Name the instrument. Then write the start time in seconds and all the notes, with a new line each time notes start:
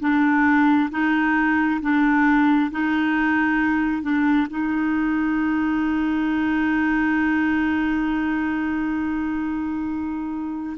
clarinet
0.00 D4
0.91 D#4
1.82 D4
2.71 D#4
4.02 D4
4.50 D#4